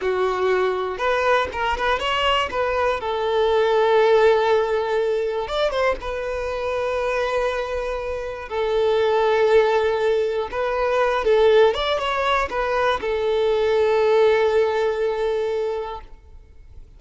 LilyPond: \new Staff \with { instrumentName = "violin" } { \time 4/4 \tempo 4 = 120 fis'2 b'4 ais'8 b'8 | cis''4 b'4 a'2~ | a'2. d''8 c''8 | b'1~ |
b'4 a'2.~ | a'4 b'4. a'4 d''8 | cis''4 b'4 a'2~ | a'1 | }